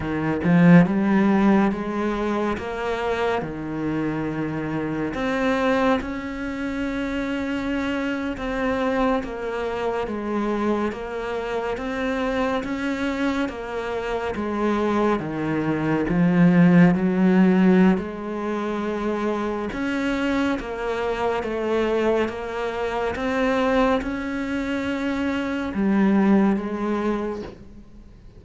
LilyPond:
\new Staff \with { instrumentName = "cello" } { \time 4/4 \tempo 4 = 70 dis8 f8 g4 gis4 ais4 | dis2 c'4 cis'4~ | cis'4.~ cis'16 c'4 ais4 gis16~ | gis8. ais4 c'4 cis'4 ais16~ |
ais8. gis4 dis4 f4 fis16~ | fis4 gis2 cis'4 | ais4 a4 ais4 c'4 | cis'2 g4 gis4 | }